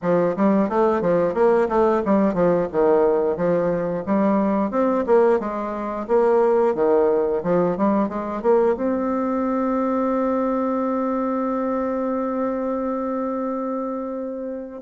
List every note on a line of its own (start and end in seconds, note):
0.02 0.35 F3
0.36 0.69 G3
0.69 1.01 A3
1.01 1.34 F3
1.34 1.67 A#3
1.68 2.02 A3
2.05 2.34 G3
2.34 2.67 F3
2.72 3.36 D#3
3.36 4.04 F3
4.06 4.70 G3
4.70 5.04 C4
5.06 5.39 A#3
5.39 6.07 G#3
6.07 6.74 A#3
6.74 7.42 D#3
7.43 7.77 F3
7.77 8.09 G3
8.09 8.42 G#3
8.42 8.75 A#3
8.76 14.82 C4